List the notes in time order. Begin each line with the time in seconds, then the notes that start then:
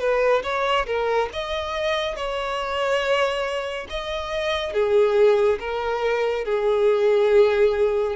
0.00 B4
0.44 C#5
0.86 A#4
1.33 D#5
2.16 C#5
3.90 D#5
4.73 G#4
5.60 A#4
6.45 G#4